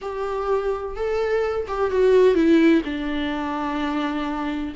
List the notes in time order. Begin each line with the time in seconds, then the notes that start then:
0.01 G4
0.96 A4
1.67 G4
1.90 F#4
2.34 E4
2.84 D4